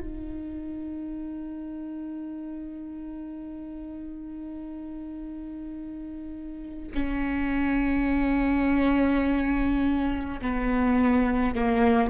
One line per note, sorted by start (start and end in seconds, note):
0.00 6.92 D#4
6.94 10.41 C#4
10.41 11.55 B3
11.55 12.10 A#3